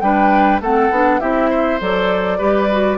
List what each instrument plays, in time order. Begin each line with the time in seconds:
0.00 bassoon G3, clarinet D4, oboe B4, flute G5
0.60 bassoon A3, clarinet C4, oboe A4, flute F#5
0.90 bassoon B3, clarinet D4
1.20 bassoon C4, clarinet E4, oboe G4, flute E5
1.50 oboe C5
1.80 bassoon F#3, clarinet A4, flute D5
2.38 bassoon G3, clarinet G4, oboe B4
2.71 clarinet F#4